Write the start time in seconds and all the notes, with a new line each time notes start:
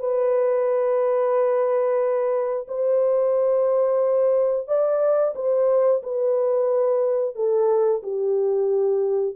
0.00 B4
2.68 C5
4.68 D5
5.35 C5
6.03 B4
7.35 A4
8.03 G4